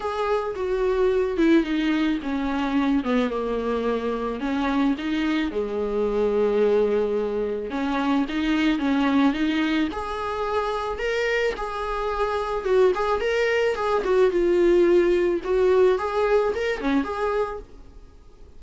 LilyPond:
\new Staff \with { instrumentName = "viola" } { \time 4/4 \tempo 4 = 109 gis'4 fis'4. e'8 dis'4 | cis'4. b8 ais2 | cis'4 dis'4 gis2~ | gis2 cis'4 dis'4 |
cis'4 dis'4 gis'2 | ais'4 gis'2 fis'8 gis'8 | ais'4 gis'8 fis'8 f'2 | fis'4 gis'4 ais'8 cis'8 gis'4 | }